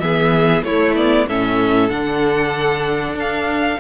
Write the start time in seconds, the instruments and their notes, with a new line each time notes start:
0.00 cello E3, viola B3, violin G#4 E5
0.63 cello A3, viola A3, violin E4 C#5
0.95 viola B3, violin D5
1.28 cello A2, viola C#4, violin A4 E5
1.89 cello D3, viola D4, violin F#5
3.14 cello D4, violin F5